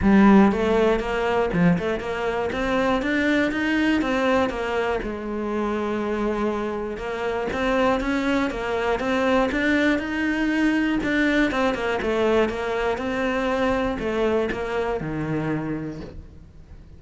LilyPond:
\new Staff \with { instrumentName = "cello" } { \time 4/4 \tempo 4 = 120 g4 a4 ais4 f8 a8 | ais4 c'4 d'4 dis'4 | c'4 ais4 gis2~ | gis2 ais4 c'4 |
cis'4 ais4 c'4 d'4 | dis'2 d'4 c'8 ais8 | a4 ais4 c'2 | a4 ais4 dis2 | }